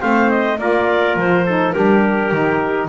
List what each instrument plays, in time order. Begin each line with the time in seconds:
0.00 double bass A3, saxophone C4, trumpet C5, clarinet F5
0.29 clarinet D#5
0.58 double bass A#3, saxophone F4, trumpet A#4, clarinet D5
1.16 double bass F3, clarinet C5
1.45 saxophone D#4, trumpet A4
1.72 double bass G3, saxophone D4, trumpet G4, clarinet A#4
2.32 double bass D#3, saxophone D#4